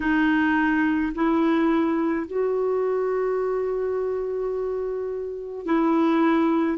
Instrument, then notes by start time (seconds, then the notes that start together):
clarinet
0.00 D#4
1.14 E4
2.27 F#4
5.66 E4